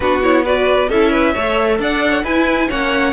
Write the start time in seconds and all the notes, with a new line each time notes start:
0.00 B3 D4 F#4 B4
0.22 E4 C#5
0.44 F#4 B4 D5
0.89 C#4 E4 A4 E5
1.11 B4
1.33 A3 A4 C#5
1.78 D4 D5 F#5
2.10 C#5
2.23 E4 B4 G#5
2.68 A#3 C#4 C#5 F#5